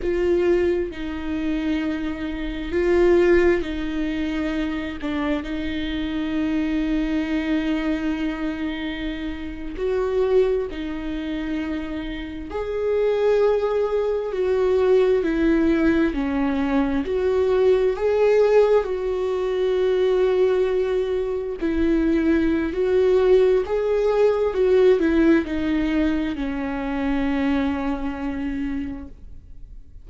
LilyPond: \new Staff \with { instrumentName = "viola" } { \time 4/4 \tempo 4 = 66 f'4 dis'2 f'4 | dis'4. d'8 dis'2~ | dis'2~ dis'8. fis'4 dis'16~ | dis'4.~ dis'16 gis'2 fis'16~ |
fis'8. e'4 cis'4 fis'4 gis'16~ | gis'8. fis'2. e'16~ | e'4 fis'4 gis'4 fis'8 e'8 | dis'4 cis'2. | }